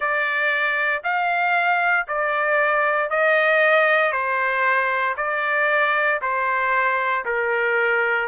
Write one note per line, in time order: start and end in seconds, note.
0.00 1.03 D5
1.03 2.06 F5
2.07 3.09 D5
3.09 4.11 D#5
4.11 5.15 C5
5.16 6.20 D5
6.21 7.25 C5
7.25 8.28 A#4